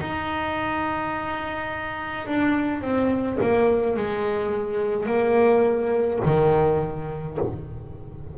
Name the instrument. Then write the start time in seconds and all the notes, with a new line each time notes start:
double bass
0.00 D#4
2.27 D4
2.81 C4
3.41 A#3
3.96 G#3
5.06 A#3
6.25 D#3